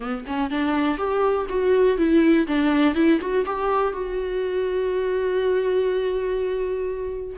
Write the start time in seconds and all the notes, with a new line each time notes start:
0.00 B3
0.26 C#4
0.50 D4
0.97 G4
1.49 F#4
1.97 E4
2.47 D4
2.95 E4
3.20 F#4
3.45 G4
3.92 F#4